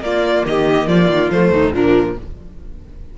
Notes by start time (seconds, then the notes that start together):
0.00 A#3 F4 D5
0.45 D#3 G4 D#5
0.87 F3 F4 D5
1.08 D#3
1.30 F3 A3 C5
1.51 D#2 D#4
1.73 A#2 F3 D4 A#4